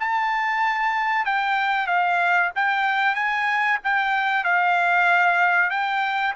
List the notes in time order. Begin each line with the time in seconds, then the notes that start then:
0.00 A5
1.26 G5
1.87 F5
2.56 G5
3.15 G#5
3.84 G5
4.44 F5
5.70 G5